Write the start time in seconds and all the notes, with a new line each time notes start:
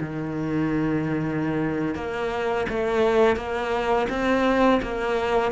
0.00 D#3
1.95 A#3
2.69 A3
3.36 A#3
4.09 C4
4.82 A#3